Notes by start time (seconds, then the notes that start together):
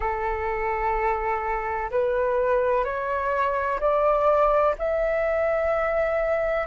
0.00 A4
1.90 B4
2.84 C#5
3.80 D5
4.78 E5